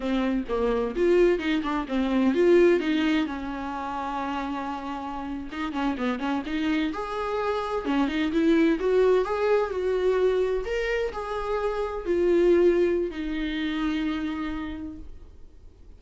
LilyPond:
\new Staff \with { instrumentName = "viola" } { \time 4/4 \tempo 4 = 128 c'4 ais4 f'4 dis'8 d'8 | c'4 f'4 dis'4 cis'4~ | cis'2.~ cis'8. dis'16~ | dis'16 cis'8 b8 cis'8 dis'4 gis'4~ gis'16~ |
gis'8. cis'8 dis'8 e'4 fis'4 gis'16~ | gis'8. fis'2 ais'4 gis'16~ | gis'4.~ gis'16 f'2~ f'16 | dis'1 | }